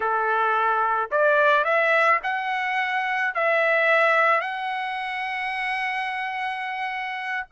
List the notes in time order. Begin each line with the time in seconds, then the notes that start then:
0.00 A4
1.11 D5
1.64 E5
2.23 F#5
3.34 E5
4.40 F#5